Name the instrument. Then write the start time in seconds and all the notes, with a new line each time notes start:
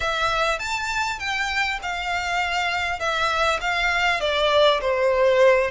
violin
0.00 E5
0.59 A5
1.19 G5
1.82 F5
2.99 E5
3.61 F5
4.20 D5
4.81 C5